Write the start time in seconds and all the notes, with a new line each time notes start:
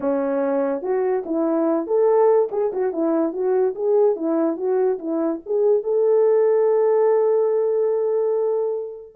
0.00 C#4
0.82 F#4
1.25 E4
1.86 A4
2.51 G#4
2.72 F#4
2.93 E4
3.32 F#4
3.75 G#4
4.16 E4
4.56 F#4
4.98 E4
5.46 G#4
5.83 A4